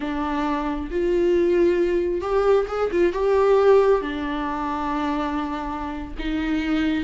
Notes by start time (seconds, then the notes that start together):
0.00 D4
0.90 F4
2.21 G4
2.68 G#4
2.91 F4
3.12 G4
4.01 D4
6.19 D#4